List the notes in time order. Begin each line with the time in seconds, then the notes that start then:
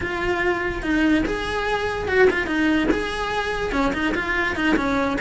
0.00 F4
0.82 D#4
1.25 G#4
2.07 F#4
2.30 F4
2.46 D#4
2.91 G#4
3.71 C#4
3.93 D#4
4.15 F4
4.55 D#4
4.76 C#4